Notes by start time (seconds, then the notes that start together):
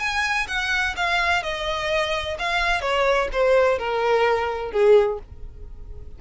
0.00 G#5
0.48 F#5
0.97 F5
1.43 D#5
2.39 F5
2.81 C#5
3.33 C5
3.79 A#4
4.72 G#4